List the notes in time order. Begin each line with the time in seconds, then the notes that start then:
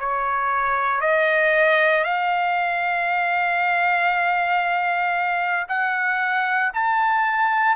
0.00 C#5
1.02 D#5
2.05 F5
5.69 F#5
6.74 A5